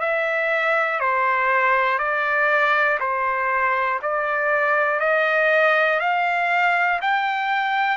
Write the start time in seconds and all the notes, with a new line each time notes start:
0.00 E5
1.00 C5
1.99 D5
3.00 C5
4.02 D5
5.00 D#5
6.00 F5
7.02 G5